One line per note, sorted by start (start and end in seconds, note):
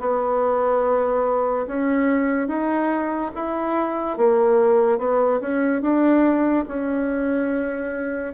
0.00 1.67 B3
1.67 2.48 C#4
2.48 3.31 D#4
3.35 4.17 E4
4.17 4.98 A#3
4.98 5.40 B3
5.41 5.82 C#4
5.82 6.66 D4
6.68 8.34 C#4